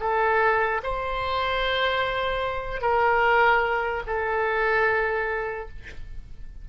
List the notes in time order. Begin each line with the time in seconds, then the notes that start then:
0.00 A4
0.84 C5
2.81 A#4
4.07 A4